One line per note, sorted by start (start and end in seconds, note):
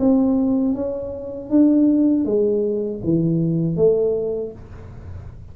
0.00 0.75 C4
0.75 1.50 C#4
1.50 2.26 D4
2.26 3.02 G#3
3.04 3.77 E3
3.77 4.53 A3